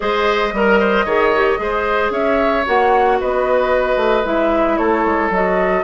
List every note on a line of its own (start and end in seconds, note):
0.00 0.52 G#3
0.00 0.50 G#4
0.00 0.54 C5
0.00 2.11 D#5
0.52 1.05 G3
0.52 1.07 A#4
0.52 0.79 A#4
0.79 1.05 C5
1.05 1.58 D#3
1.05 1.33 G#4
1.05 1.58 C#5
1.35 1.57 G4
1.57 2.10 G#3
1.57 2.63 G#4
1.57 2.12 C5
2.10 2.63 C#4
2.10 3.18 C#5
2.10 2.65 E5
2.65 3.20 A#3
2.65 4.24 F#4
2.65 3.20 F#5
3.20 3.96 B3
3.20 4.78 B4
3.20 4.26 D#5
3.96 4.23 A3
4.24 4.78 G#3
4.24 5.30 E4
4.24 4.77 E5
4.77 5.05 A3
4.77 5.83 A4
4.77 5.30 C#5
5.05 5.30 G#3
5.30 5.83 F#3
5.30 5.83 F#4
5.30 5.83 D#5